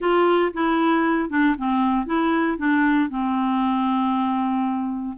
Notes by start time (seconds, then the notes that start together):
0.00 F4
0.53 E4
1.29 D4
1.58 C4
2.06 E4
2.57 D4
3.09 C4